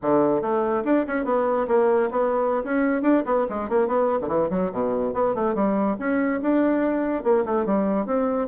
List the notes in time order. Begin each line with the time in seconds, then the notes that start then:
0.02 D3
0.41 A3
0.84 D4
1.07 C#4
1.24 B3
1.67 A#3
2.11 B3
2.64 C#4
3.02 D4
3.25 B3
3.49 G#3
3.69 A#3
3.87 B3
4.21 D3
4.28 E3
4.50 F#3
4.72 B2
5.13 B3
5.34 A3
5.54 G3
5.99 C#4
6.42 D4
7.23 A#3
7.45 A3
7.65 G3
8.06 C4